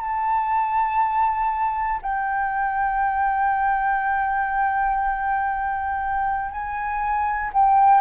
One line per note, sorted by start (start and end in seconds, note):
0.00 2.00 A5
2.02 6.51 G5
6.51 7.51 G#5
7.53 8.01 G5